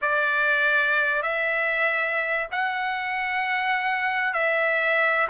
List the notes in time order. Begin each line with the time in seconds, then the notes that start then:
0.01 D5
1.22 E5
2.51 F#5
4.33 E5